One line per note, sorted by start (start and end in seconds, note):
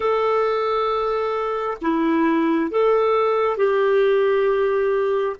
0.00 1.77 A4
1.81 2.71 E4
2.71 3.57 A4
3.57 5.36 G4